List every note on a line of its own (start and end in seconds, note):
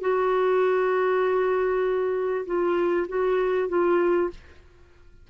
0.00 2.45 F#4
2.45 3.07 F4
3.08 3.68 F#4
3.68 4.29 F4